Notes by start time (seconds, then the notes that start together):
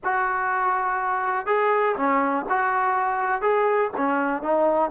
0.04 F#4
1.46 G#4
1.96 C#4
2.49 F#4
3.41 G#4
3.97 C#4
4.42 D#4